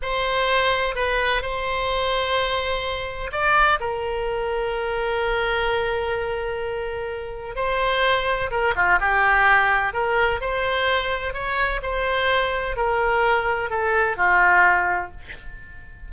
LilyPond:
\new Staff \with { instrumentName = "oboe" } { \time 4/4 \tempo 4 = 127 c''2 b'4 c''4~ | c''2. d''4 | ais'1~ | ais'1 |
c''2 ais'8 f'8 g'4~ | g'4 ais'4 c''2 | cis''4 c''2 ais'4~ | ais'4 a'4 f'2 | }